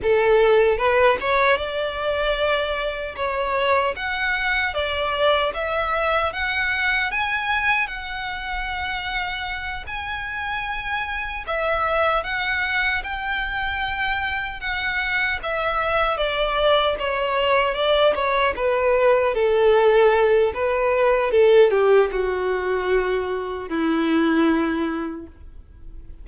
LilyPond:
\new Staff \with { instrumentName = "violin" } { \time 4/4 \tempo 4 = 76 a'4 b'8 cis''8 d''2 | cis''4 fis''4 d''4 e''4 | fis''4 gis''4 fis''2~ | fis''8 gis''2 e''4 fis''8~ |
fis''8 g''2 fis''4 e''8~ | e''8 d''4 cis''4 d''8 cis''8 b'8~ | b'8 a'4. b'4 a'8 g'8 | fis'2 e'2 | }